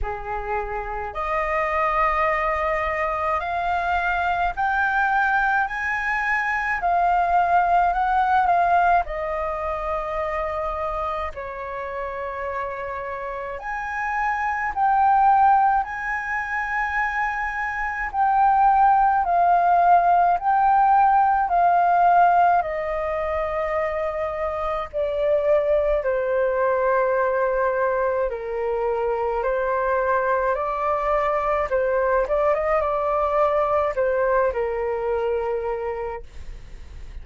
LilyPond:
\new Staff \with { instrumentName = "flute" } { \time 4/4 \tempo 4 = 53 gis'4 dis''2 f''4 | g''4 gis''4 f''4 fis''8 f''8 | dis''2 cis''2 | gis''4 g''4 gis''2 |
g''4 f''4 g''4 f''4 | dis''2 d''4 c''4~ | c''4 ais'4 c''4 d''4 | c''8 d''16 dis''16 d''4 c''8 ais'4. | }